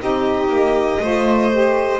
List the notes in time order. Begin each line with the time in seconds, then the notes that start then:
0.00 C4 D#4 G4 D#5
0.48 A#3
0.99 A3 F4 C5
1.51 G4